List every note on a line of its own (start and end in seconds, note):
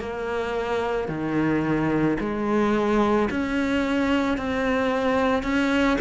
0.00 1.09 A#3
1.09 2.18 D#3
2.20 3.29 G#3
3.30 4.38 C#4
4.38 5.43 C4
5.43 5.98 C#4